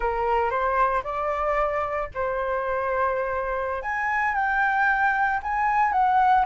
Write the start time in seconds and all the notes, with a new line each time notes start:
0.00 A#4
0.50 C5
1.03 D5
2.14 C5
3.82 G#5
4.34 G5
5.43 G#5
5.92 F#5